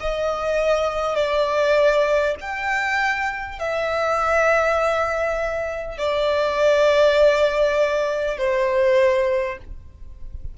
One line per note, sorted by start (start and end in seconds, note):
0.00 1.15 D#5
1.15 2.35 D5
2.41 3.59 G5
3.59 5.97 E5
5.97 8.37 D5
8.38 9.58 C5